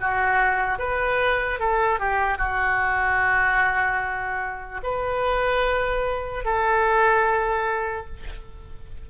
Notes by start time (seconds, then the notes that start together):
0.00 F#4
0.79 B4
1.59 A4
1.99 G4
2.38 F#4
4.83 B4
6.44 A4